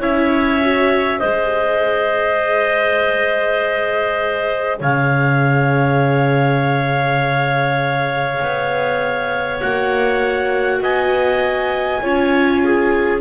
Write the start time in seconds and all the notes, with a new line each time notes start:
0.00 C#4 E4 C#5 E5
0.61 F#4
1.19 G#3 G#4 C5 D#5
4.79 C#3 C#5 F5
8.42 B3
9.61 A#3 F#4 F#5
10.81 B3 D#5 G#5
12.01 C#4 F4 C#5
12.63 G#4